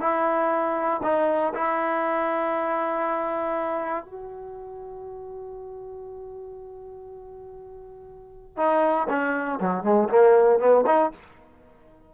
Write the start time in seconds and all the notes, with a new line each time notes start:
0.00 E4
1.03 D#4
1.54 E4
4.05 F#4
8.57 D#4
9.09 C#4
9.60 F#3
9.83 G#3
10.09 A#3
10.59 B3
10.86 D#4